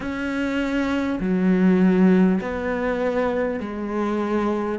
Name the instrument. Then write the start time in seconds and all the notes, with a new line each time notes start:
cello
0.00 C#4
1.19 F#3
2.41 B3
3.59 G#3